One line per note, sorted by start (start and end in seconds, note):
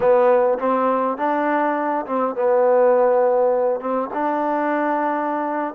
0.00 0.58 B3
0.58 1.17 C4
1.17 2.05 D4
2.06 2.35 C4
2.35 3.80 B3
3.80 4.09 C4
4.13 5.74 D4